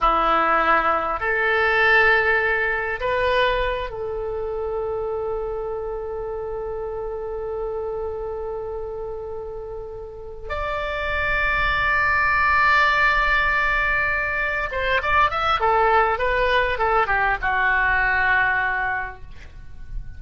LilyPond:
\new Staff \with { instrumentName = "oboe" } { \time 4/4 \tempo 4 = 100 e'2 a'2~ | a'4 b'4. a'4.~ | a'1~ | a'1~ |
a'4. d''2~ d''8~ | d''1~ | d''8 c''8 d''8 e''8 a'4 b'4 | a'8 g'8 fis'2. | }